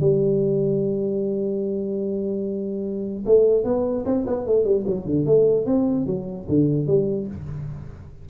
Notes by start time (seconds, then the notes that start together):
0.00 G3
3.26 A3
3.64 B3
4.05 C4
4.26 B3
4.46 A3
4.65 G3
4.86 F#3
5.05 D3
5.26 A3
5.65 C4
6.06 F#3
6.48 D3
6.87 G3